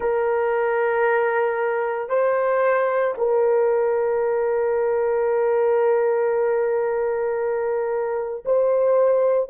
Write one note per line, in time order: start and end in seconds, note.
0.00 2.09 A#4
2.09 3.14 C5
3.17 8.44 A#4
8.45 9.49 C5